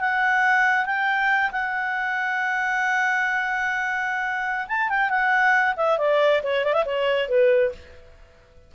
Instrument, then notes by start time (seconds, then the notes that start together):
clarinet
0.00 F#5
0.86 G5
1.51 F#5
4.68 A5
4.89 G5
5.10 F#5
5.77 E5
5.98 D5
6.43 C#5
6.65 D5
6.73 E5
6.85 C#5
7.28 B4